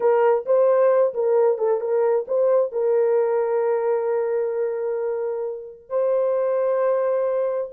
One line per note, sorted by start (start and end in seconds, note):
0.00 0.45 A#4
0.45 1.13 C5
1.14 1.58 A#4
1.58 1.80 A4
1.80 2.25 A#4
2.27 2.71 C5
2.71 5.89 A#4
5.89 7.71 C5